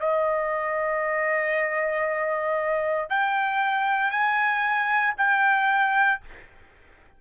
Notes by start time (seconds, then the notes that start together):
0.00 D#5
3.09 G5
4.11 G#5
5.17 G5